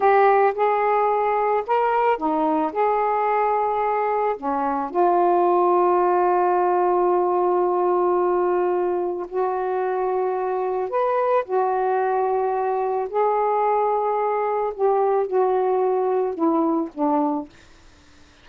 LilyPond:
\new Staff \with { instrumentName = "saxophone" } { \time 4/4 \tempo 4 = 110 g'4 gis'2 ais'4 | dis'4 gis'2. | cis'4 f'2.~ | f'1~ |
f'4 fis'2. | b'4 fis'2. | gis'2. g'4 | fis'2 e'4 d'4 | }